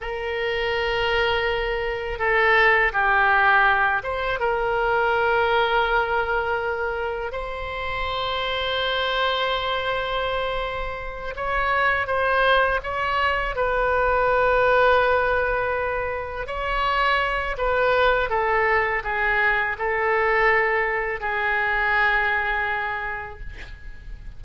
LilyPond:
\new Staff \with { instrumentName = "oboe" } { \time 4/4 \tempo 4 = 82 ais'2. a'4 | g'4. c''8 ais'2~ | ais'2 c''2~ | c''2.~ c''8 cis''8~ |
cis''8 c''4 cis''4 b'4.~ | b'2~ b'8 cis''4. | b'4 a'4 gis'4 a'4~ | a'4 gis'2. | }